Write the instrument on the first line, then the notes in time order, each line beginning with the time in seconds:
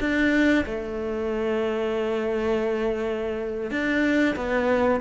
cello
0.00 D4
0.65 A3
3.71 D4
4.36 B3